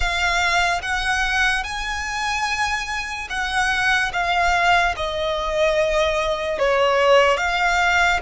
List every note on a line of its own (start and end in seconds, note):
0.00 0.81 F5
0.82 1.63 F#5
1.63 3.28 G#5
3.29 4.11 F#5
4.12 4.95 F5
4.96 6.58 D#5
6.58 7.37 C#5
7.37 8.19 F5